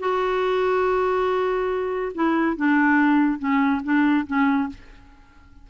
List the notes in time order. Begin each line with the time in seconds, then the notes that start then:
0.00 F#4
2.15 E4
2.57 D4
3.39 C#4
3.84 D4
4.27 C#4